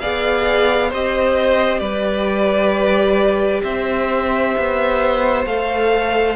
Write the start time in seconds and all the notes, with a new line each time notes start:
0.00 B3 G#4 D5 F5
0.90 C4 G4 C5 D#5
1.80 G3 B4 D5
3.64 C4 C5 E5
4.58 B3
5.46 A3 A4 F5